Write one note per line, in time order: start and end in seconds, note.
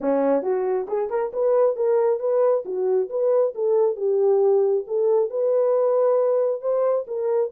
0.00 0.42 C#4
0.42 0.86 F#4
0.88 1.09 G#4
1.09 1.32 A#4
1.33 1.75 B4
1.75 2.19 A#4
2.19 2.64 B4
2.65 3.09 F#4
3.09 3.54 B4
3.55 3.95 A4
3.95 4.84 G4
4.87 5.30 A4
5.30 6.61 B4
6.61 7.05 C5
7.07 7.51 A#4